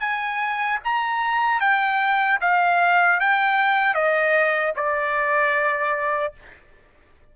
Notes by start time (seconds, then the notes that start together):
0.00 G#5
0.84 A#5
1.60 G5
2.41 F5
3.20 G5
3.94 D#5
4.76 D5